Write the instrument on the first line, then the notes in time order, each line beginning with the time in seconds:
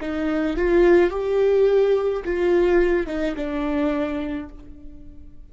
viola
0.00 D#4
0.56 F4
1.10 G4
2.24 F4
3.06 D#4
3.36 D4